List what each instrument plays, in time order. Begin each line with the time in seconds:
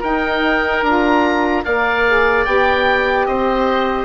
0.00 saxophone D#4, bassoon D#4, oboe A#4 G5
0.82 bassoon D4, saxophone F4, oboe A#5
1.64 bassoon A#3, saxophone A#4, oboe D5 F5
2.07 saxophone G#4
2.45 bassoon B3, saxophone G4, oboe G5
3.26 bassoon C4, oboe C5 D#5